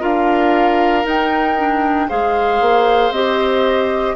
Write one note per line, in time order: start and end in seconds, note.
0.00 1.05 D4
0.00 1.03 F4
0.00 2.07 A#4
0.00 1.06 F5
1.03 1.55 D#4
1.03 2.08 D#4
1.03 2.09 G5
1.58 2.09 D4
2.08 2.61 G#3
2.08 3.13 G#4
2.08 4.15 C5
2.08 3.12 F5
2.61 3.11 A#3
3.11 4.14 C4
3.11 4.16 G4
3.11 4.16 D#5